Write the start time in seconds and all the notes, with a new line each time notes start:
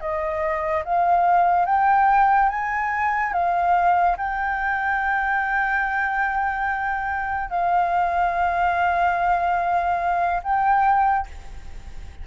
0.00 D#5
0.84 F5
1.66 G5
2.49 G#5
3.33 F5
4.17 G5
7.50 F5
10.43 G5